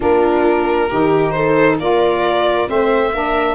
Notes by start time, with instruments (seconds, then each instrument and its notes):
0.00 tuba A#3, saxophone D4, viola F4, violin A#4
0.89 tuba D#3, saxophone D#4, viola G4
1.31 viola A4, violin C5
1.78 tuba A#3, saxophone F4, viola A#4, violin D5
2.67 tuba A3, saxophone C4, viola C5, violin E5
3.13 tuba A#3, saxophone D4, viola A#4